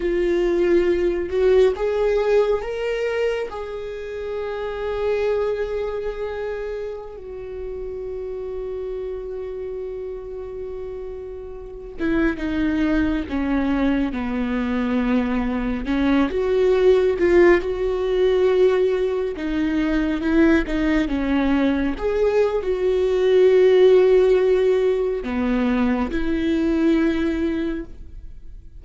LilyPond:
\new Staff \with { instrumentName = "viola" } { \time 4/4 \tempo 4 = 69 f'4. fis'8 gis'4 ais'4 | gis'1~ | gis'16 fis'2.~ fis'8.~ | fis'4.~ fis'16 e'8 dis'4 cis'8.~ |
cis'16 b2 cis'8 fis'4 f'16~ | f'16 fis'2 dis'4 e'8 dis'16~ | dis'16 cis'4 gis'8. fis'2~ | fis'4 b4 e'2 | }